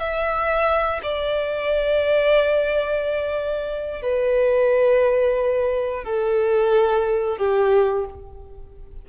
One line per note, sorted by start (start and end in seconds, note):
0.00 1.01 E5
1.03 4.02 D5
4.02 6.05 B4
6.05 7.38 A4
7.38 8.05 G4